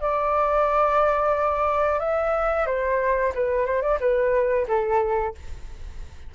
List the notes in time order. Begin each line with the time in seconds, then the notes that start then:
0.00 D5
1.99 E5
2.66 C5
3.34 B4
3.65 C5
3.82 D5
4.00 B4
4.68 A4